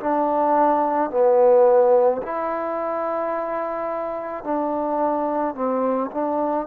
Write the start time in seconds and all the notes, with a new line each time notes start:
0.00 D4
1.11 B3
2.22 E4
4.44 D4
5.55 C4
6.11 D4